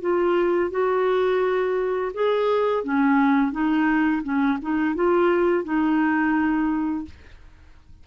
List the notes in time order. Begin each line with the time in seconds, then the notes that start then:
0.00 F4
0.71 F#4
2.13 G#4
2.83 C#4
3.51 D#4
4.23 C#4
4.61 D#4
4.94 F4
5.64 D#4